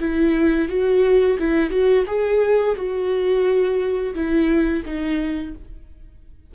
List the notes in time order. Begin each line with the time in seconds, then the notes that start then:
0.00 E4
0.69 F#4
1.39 E4
1.71 F#4
2.07 G#4
2.76 F#4
4.15 E4
4.86 D#4